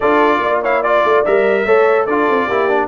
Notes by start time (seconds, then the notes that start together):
0.00 D4 F4 A4 D5
0.39 A#3 D5
0.61 E4 C#5 F5
0.81 F4 D5
1.03 A3
1.25 G3 A#4 E5
1.65 A3 A4 C#5
2.05 D4 F4 A4 D5
2.29 C4
2.46 A#3 E4 G4
2.68 D4